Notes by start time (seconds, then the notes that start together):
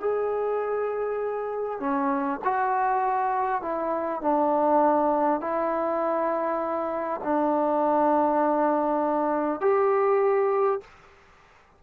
0.00 G#4
1.80 C#4
2.44 F#4
3.62 E4
4.22 D4
5.41 E4
7.24 D4
9.61 G4